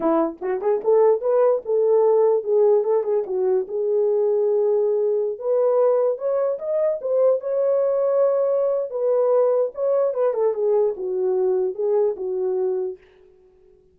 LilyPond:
\new Staff \with { instrumentName = "horn" } { \time 4/4 \tempo 4 = 148 e'4 fis'8 gis'8 a'4 b'4 | a'2 gis'4 a'8 gis'8 | fis'4 gis'2.~ | gis'4~ gis'16 b'2 cis''8.~ |
cis''16 dis''4 c''4 cis''4.~ cis''16~ | cis''2 b'2 | cis''4 b'8 a'8 gis'4 fis'4~ | fis'4 gis'4 fis'2 | }